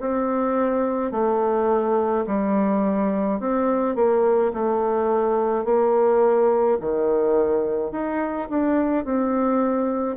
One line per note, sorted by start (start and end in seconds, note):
0.00 1.12 C4
1.12 2.25 A3
2.26 3.40 G3
3.40 3.95 C4
3.95 4.52 A#3
4.53 5.64 A3
5.64 6.78 A#3
6.81 7.91 D#3
7.91 8.48 D#4
8.49 9.05 D4
9.05 10.17 C4